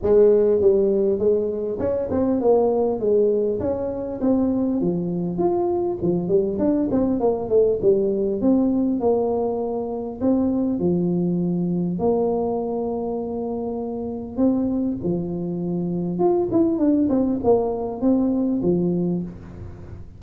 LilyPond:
\new Staff \with { instrumentName = "tuba" } { \time 4/4 \tempo 4 = 100 gis4 g4 gis4 cis'8 c'8 | ais4 gis4 cis'4 c'4 | f4 f'4 f8 g8 d'8 c'8 | ais8 a8 g4 c'4 ais4~ |
ais4 c'4 f2 | ais1 | c'4 f2 f'8 e'8 | d'8 c'8 ais4 c'4 f4 | }